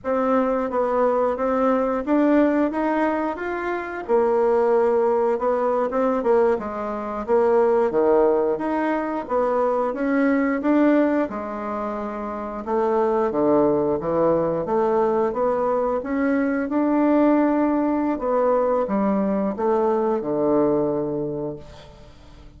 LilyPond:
\new Staff \with { instrumentName = "bassoon" } { \time 4/4 \tempo 4 = 89 c'4 b4 c'4 d'4 | dis'4 f'4 ais2 | b8. c'8 ais8 gis4 ais4 dis16~ | dis8. dis'4 b4 cis'4 d'16~ |
d'8. gis2 a4 d16~ | d8. e4 a4 b4 cis'16~ | cis'8. d'2~ d'16 b4 | g4 a4 d2 | }